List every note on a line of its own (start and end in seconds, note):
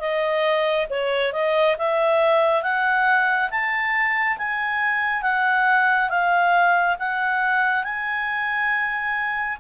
0.00 0.87 D#5
0.90 1.33 C#5
1.33 1.76 D#5
1.79 2.63 E5
2.63 3.50 F#5
3.51 4.38 A5
4.38 5.23 G#5
5.23 6.09 F#5
6.10 6.97 F5
7.00 7.84 F#5
7.84 9.58 G#5